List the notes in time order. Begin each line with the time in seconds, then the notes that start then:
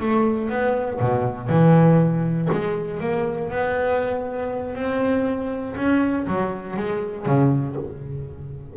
0.00 A3
0.49 B3
1.00 B2
1.49 E3
2.52 G#3
3.00 A#3
3.50 B3
4.75 C4
5.76 C#4
6.27 F#3
6.77 G#3
7.26 C#3